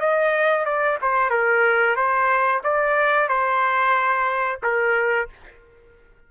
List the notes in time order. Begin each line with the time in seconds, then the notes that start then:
0.00 D#5
0.65 D5
1.02 C5
1.30 A#4
1.96 C5
2.64 D5
3.29 C5
4.63 A#4